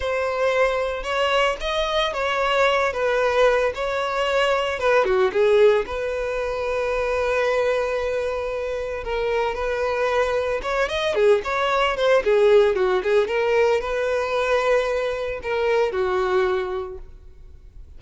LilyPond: \new Staff \with { instrumentName = "violin" } { \time 4/4 \tempo 4 = 113 c''2 cis''4 dis''4 | cis''4. b'4. cis''4~ | cis''4 b'8 fis'8 gis'4 b'4~ | b'1~ |
b'4 ais'4 b'2 | cis''8 dis''8 gis'8 cis''4 c''8 gis'4 | fis'8 gis'8 ais'4 b'2~ | b'4 ais'4 fis'2 | }